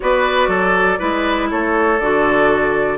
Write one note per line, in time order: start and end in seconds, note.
0.00 0.47 B3
0.00 0.98 F#4
0.00 0.49 B4
0.00 1.49 D5
0.47 0.97 F#3
0.47 0.98 A4
0.98 1.51 G#3
0.98 1.98 E4
0.98 1.48 B4
1.50 1.99 A3
1.50 2.98 A4
1.50 1.99 C#5
1.99 2.98 D3
1.99 2.98 F#4
1.99 2.98 D5